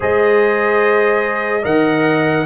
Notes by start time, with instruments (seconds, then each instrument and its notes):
0.00 tuba G#3, trombone G#4, horn C5, trumpet D#5
1.61 tuba D#3, trombone A#4, horn D#5, trumpet F#5